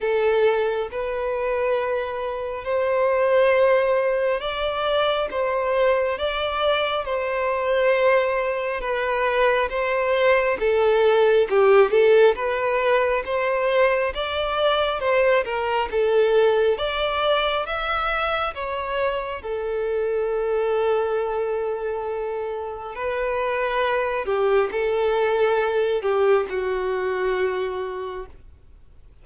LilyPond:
\new Staff \with { instrumentName = "violin" } { \time 4/4 \tempo 4 = 68 a'4 b'2 c''4~ | c''4 d''4 c''4 d''4 | c''2 b'4 c''4 | a'4 g'8 a'8 b'4 c''4 |
d''4 c''8 ais'8 a'4 d''4 | e''4 cis''4 a'2~ | a'2 b'4. g'8 | a'4. g'8 fis'2 | }